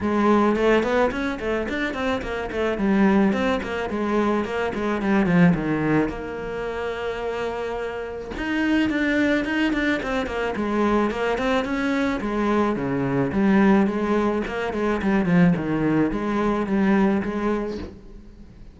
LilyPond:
\new Staff \with { instrumentName = "cello" } { \time 4/4 \tempo 4 = 108 gis4 a8 b8 cis'8 a8 d'8 c'8 | ais8 a8 g4 c'8 ais8 gis4 | ais8 gis8 g8 f8 dis4 ais4~ | ais2. dis'4 |
d'4 dis'8 d'8 c'8 ais8 gis4 | ais8 c'8 cis'4 gis4 cis4 | g4 gis4 ais8 gis8 g8 f8 | dis4 gis4 g4 gis4 | }